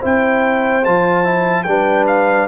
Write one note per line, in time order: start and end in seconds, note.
0.00 0.86 C4
0.00 0.83 E4
0.00 1.64 C5
0.00 0.84 G5
0.84 1.65 F3
0.84 1.24 F4
0.84 1.63 A5
1.24 1.65 E4
1.63 2.47 G3
1.63 2.48 D4
1.63 2.48 B4
1.63 2.04 G5
2.07 2.48 F5